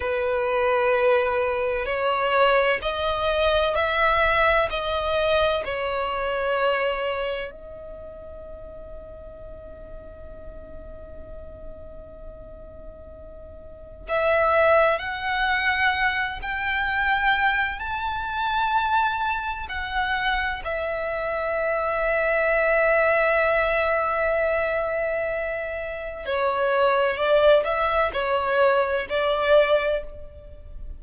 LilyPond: \new Staff \with { instrumentName = "violin" } { \time 4/4 \tempo 4 = 64 b'2 cis''4 dis''4 | e''4 dis''4 cis''2 | dis''1~ | dis''2. e''4 |
fis''4. g''4. a''4~ | a''4 fis''4 e''2~ | e''1 | cis''4 d''8 e''8 cis''4 d''4 | }